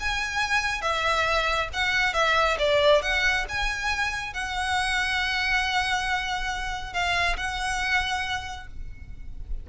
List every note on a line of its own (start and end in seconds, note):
0.00 0.82 G#5
0.82 1.69 E5
1.73 2.13 F#5
2.13 2.57 E5
2.59 3.02 D5
3.02 3.45 F#5
3.49 4.34 G#5
4.34 6.93 F#5
6.93 7.36 F5
7.37 8.67 F#5